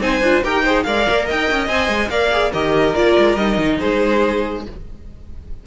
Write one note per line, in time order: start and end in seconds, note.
0.00 0.22 C4
0.00 0.21 D#4
0.00 0.44 C5
0.00 0.44 G#5
0.22 0.43 D4
0.22 0.44 F4
0.44 0.86 D#4
0.44 0.65 G4
0.44 0.63 A#4
0.44 0.84 G5
0.63 0.86 G#4
0.63 0.84 C5
0.84 1.07 G#3
0.84 1.68 A#4
0.84 1.26 D5
0.84 1.26 F5
1.10 1.31 A#3
1.26 1.51 D#4
1.26 2.10 D#5
1.26 1.68 G5
1.51 1.69 C#4
1.68 1.89 C4
1.68 2.10 C5
1.68 2.10 G#5
1.89 2.10 G#3
2.10 2.52 A#3
2.10 2.32 A#4
2.10 2.53 D5
2.10 2.52 F5
2.32 2.53 G#4
2.53 2.96 D#3
2.53 2.96 G4
2.53 3.78 A#4
2.53 2.95 D#5
2.95 3.17 A#3
2.95 3.37 F4
2.95 3.36 D5
3.19 3.37 G#3
3.36 3.58 G3
3.36 4.66 D#4
3.36 3.78 D#5
3.58 3.79 D#3
3.80 4.67 G#3
3.80 4.64 G#4
3.80 4.64 C5